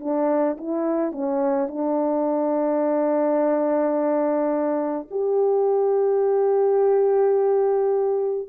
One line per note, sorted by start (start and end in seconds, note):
0.00 0.57 D4
0.58 1.12 E4
1.12 1.68 C#4
1.68 5.07 D4
5.11 8.49 G4